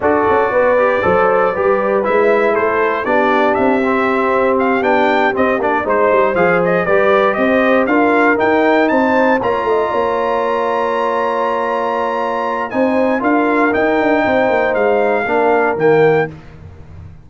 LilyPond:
<<
  \new Staff \with { instrumentName = "trumpet" } { \time 4/4 \tempo 4 = 118 d''1 | e''4 c''4 d''4 e''4~ | e''4 f''8 g''4 dis''8 d''8 c''8~ | c''8 f''8 dis''8 d''4 dis''4 f''8~ |
f''8 g''4 a''4 ais''4.~ | ais''1~ | ais''4 gis''4 f''4 g''4~ | g''4 f''2 g''4 | }
  \new Staff \with { instrumentName = "horn" } { \time 4/4 a'4 b'4 c''4 b'4~ | b'4 a'4 g'2~ | g'2.~ g'8 c''8~ | c''4. b'4 c''4 ais'8~ |
ais'4. c''4 cis''8 dis''8 cis''8~ | cis''1~ | cis''4 c''4 ais'2 | c''2 ais'2 | }
  \new Staff \with { instrumentName = "trombone" } { \time 4/4 fis'4. g'8 a'4 g'4 | e'2 d'4. c'8~ | c'4. d'4 c'8 d'8 dis'8~ | dis'8 gis'4 g'2 f'8~ |
f'8 dis'2 f'4.~ | f'1~ | f'4 dis'4 f'4 dis'4~ | dis'2 d'4 ais4 | }
  \new Staff \with { instrumentName = "tuba" } { \time 4/4 d'8 cis'8 b4 fis4 g4 | gis4 a4 b4 c'4~ | c'4. b4 c'8 ais8 gis8 | g8 f4 g4 c'4 d'8~ |
d'8 dis'4 c'4 ais8 a8 ais8~ | ais1~ | ais4 c'4 d'4 dis'8 d'8 | c'8 ais8 gis4 ais4 dis4 | }
>>